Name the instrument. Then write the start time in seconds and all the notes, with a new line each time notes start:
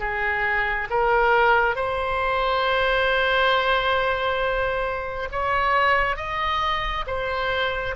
oboe
0.00 G#4
0.90 A#4
1.76 C5
5.32 C#5
6.17 D#5
7.07 C5